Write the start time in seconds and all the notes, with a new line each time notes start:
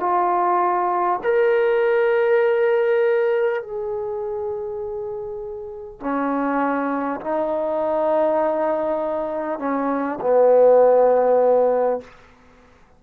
0.00 F4
1.24 A#4
3.62 G#4
6.01 C#4
7.21 D#4
9.59 C#4
10.21 B3